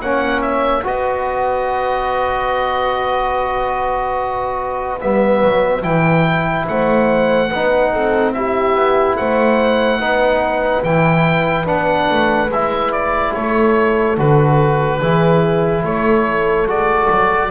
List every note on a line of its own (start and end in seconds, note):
0.00 0.83 A#3
0.00 0.84 C#4
0.00 0.85 C#5
0.00 0.42 F#5
0.42 0.84 E5
0.84 5.01 B3
0.84 5.00 F#4
0.84 6.68 B4
0.84 5.01 D#5
5.01 5.44 G3
5.01 5.82 B3
5.01 5.83 E5
5.44 5.84 F#3
5.82 6.68 E3
5.82 7.48 E4
5.82 6.66 G5
6.68 7.52 A3
6.68 7.50 C5
6.68 8.34 F#5
7.50 7.93 B3
7.50 8.35 D#4
7.50 7.92 B4
7.93 8.75 C4
7.93 8.34 A4
8.34 10.01 E4
8.34 9.18 G4
8.34 9.17 E5
8.75 9.17 B3
9.17 10.00 A3
9.17 10.00 C5
9.17 10.84 F#5
10.00 10.84 B3
10.00 10.84 D#4
10.00 13.33 B4
10.84 11.67 E3
10.84 11.65 E4
10.84 11.67 G5
11.65 12.10 B3
11.65 12.49 D4
11.65 12.51 F#5
12.11 12.49 A3
12.49 13.32 G#3
12.49 12.92 E5
12.55 14.18 E4
12.92 13.34 D5
13.34 14.18 A3
13.34 15.00 A4
13.34 14.17 C#5
14.18 15.01 D3
14.18 15.01 F#4
14.18 15.85 B4
15.00 15.84 E3
15.00 16.67 E4
15.00 15.83 G#4
15.84 16.66 A3
15.84 17.51 A4
15.84 16.68 C#5
16.66 17.08 G#3
16.66 17.50 F#4
16.66 17.51 D5
17.10 17.51 F#3